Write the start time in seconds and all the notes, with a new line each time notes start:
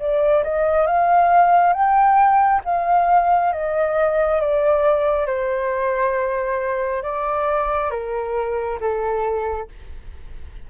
0.00 D5
0.45 D#5
0.87 F5
1.73 G5
2.65 F5
3.53 D#5
4.41 D5
5.27 C5
7.03 D5
7.91 A#4
8.81 A4